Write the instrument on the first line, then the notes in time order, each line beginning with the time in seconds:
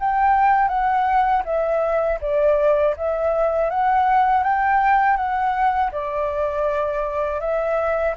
flute
0.00 G5
0.69 F#5
1.45 E5
2.21 D5
2.97 E5
3.70 F#5
4.43 G5
5.17 F#5
5.92 D5
7.41 E5